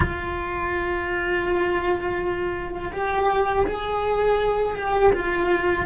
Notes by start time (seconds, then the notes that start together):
0.00 F4
2.92 G4
3.66 G#4
4.76 G4
5.12 F4